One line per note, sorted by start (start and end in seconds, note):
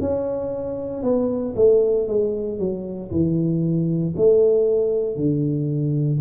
0.00 1.03 C#4
1.03 1.54 B3
1.56 2.07 A3
2.08 2.59 G#3
2.59 3.10 F#3
3.11 4.14 E3
4.16 5.16 A3
5.16 6.20 D3